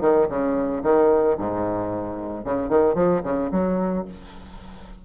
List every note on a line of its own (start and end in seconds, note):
0.00 0.27 D#3
0.29 0.82 C#3
0.83 1.36 D#3
1.37 2.44 G#2
2.44 2.68 C#3
2.68 2.94 D#3
2.94 3.21 F3
3.23 3.50 C#3
3.51 4.04 F#3